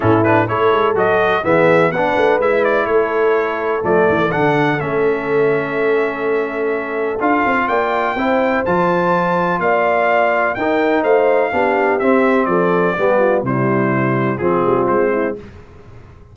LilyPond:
<<
  \new Staff \with { instrumentName = "trumpet" } { \time 4/4 \tempo 4 = 125 a'8 b'8 cis''4 dis''4 e''4 | fis''4 e''8 d''8 cis''2 | d''4 fis''4 e''2~ | e''2. f''4 |
g''2 a''2 | f''2 g''4 f''4~ | f''4 e''4 d''2 | c''2 gis'4 c''4 | }
  \new Staff \with { instrumentName = "horn" } { \time 4/4 e'4 a'2 gis'4 | b'2 a'2~ | a'1~ | a'1 |
d''4 c''2. | d''2 ais'4 c''4 | g'2 a'4 g'8 f'8 | e'2 f'4. e'8 | }
  \new Staff \with { instrumentName = "trombone" } { \time 4/4 cis'8 d'8 e'4 fis'4 b4 | d'4 e'2. | a4 d'4 cis'2~ | cis'2. f'4~ |
f'4 e'4 f'2~ | f'2 dis'2 | d'4 c'2 b4 | g2 c'2 | }
  \new Staff \with { instrumentName = "tuba" } { \time 4/4 a,4 a8 gis8 fis4 e4 | b8 a8 gis4 a2 | f8 e8 d4 a2~ | a2. d'8 c'8 |
ais4 c'4 f2 | ais2 dis'4 a4 | b4 c'4 f4 g4 | c2 f8 g8 gis4 | }
>>